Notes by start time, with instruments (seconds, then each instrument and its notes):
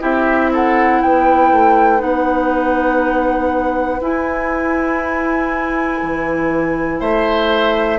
0.00 bassoon C4, clarinet E4, oboe G4, flute E5
0.52 oboe A4, flute F#5
1.01 bassoon B3, oboe B4, flute G5
1.51 bassoon A3
1.97 bassoon B3, clarinet D#4, flute F#5
4.00 bassoon E4, clarinet E4, flute G#5
6.01 bassoon E3
6.99 bassoon A3, oboe C5, flute E5